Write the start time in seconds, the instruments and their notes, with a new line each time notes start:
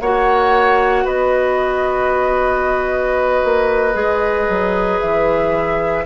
0.00 bassoon A#3, clarinet F#4, oboe C#5, flute F#5
1.04 bassoon B3, oboe B4, flute D#5
3.44 bassoon A#3
3.93 bassoon G#3, clarinet G#4
4.48 bassoon F#3
5.00 bassoon E3, flute E5